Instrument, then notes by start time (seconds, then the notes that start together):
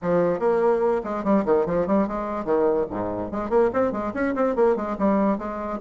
bassoon
0.02 F3
0.39 A#3
1.03 G#3
1.23 G3
1.45 D#3
1.66 F3
1.86 G3
2.07 G#3
2.44 D#3
2.90 G#2
3.31 G#3
3.49 A#3
3.73 C4
3.92 G#3
4.14 C#4
4.35 C4
4.55 A#3
4.76 G#3
4.98 G3
5.37 G#3